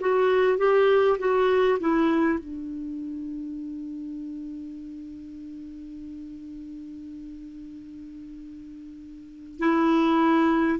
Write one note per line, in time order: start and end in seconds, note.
0.00 0.58 F#4
0.58 1.18 G4
1.19 1.79 F#4
1.79 2.39 E4
2.39 9.59 D4
9.59 10.79 E4